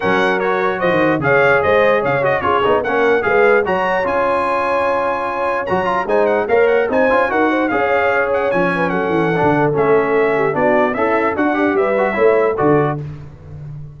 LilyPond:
<<
  \new Staff \with { instrumentName = "trumpet" } { \time 4/4 \tempo 4 = 148 fis''4 cis''4 dis''4 f''4 | dis''4 f''8 dis''8 cis''4 fis''4 | f''4 ais''4 gis''2~ | gis''2 ais''4 gis''8 fis''8 |
f''8 fis''8 gis''4 fis''4 f''4~ | f''8 fis''8 gis''4 fis''2 | e''2 d''4 e''4 | fis''4 e''2 d''4 | }
  \new Staff \with { instrumentName = "horn" } { \time 4/4 ais'2 c''4 cis''4 | c''4 cis''4 gis'4 ais'4 | b'4 cis''2.~ | cis''2. c''4 |
cis''4 c''4 ais'8 c''8 cis''4~ | cis''4. b'8 a'2~ | a'4. g'8 fis'4 e'4 | d'4 b'4 cis''4 a'4 | }
  \new Staff \with { instrumentName = "trombone" } { \time 4/4 cis'4 fis'2 gis'4~ | gis'4. fis'8 f'8 dis'8 cis'4 | gis'4 fis'4 f'2~ | f'2 fis'8 f'8 dis'4 |
ais'4 dis'8 f'8 fis'4 gis'4~ | gis'4 cis'2 d'4 | cis'2 d'4 a'4 | fis'8 g'4 fis'8 e'4 fis'4 | }
  \new Staff \with { instrumentName = "tuba" } { \time 4/4 fis2 f16 dis8. cis4 | gis4 cis4 cis'8 b8 ais4 | gis4 fis4 cis'2~ | cis'2 fis4 gis4 |
ais4 c'8 cis'8 dis'4 cis'4~ | cis'4 f4 fis8 e8. d8. | a2 b4 cis'4 | d'4 g4 a4 d4 | }
>>